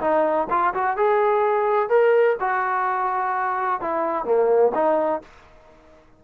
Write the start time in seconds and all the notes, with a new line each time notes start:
0.00 D#4
0.50 F4
0.74 F#4
0.97 G#4
1.89 A#4
2.40 F#4
3.81 E4
4.25 A#3
4.74 D#4